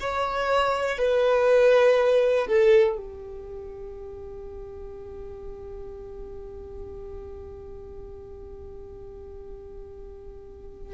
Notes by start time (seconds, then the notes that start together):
0.00 C#5
0.98 B4
2.47 A4
2.97 G4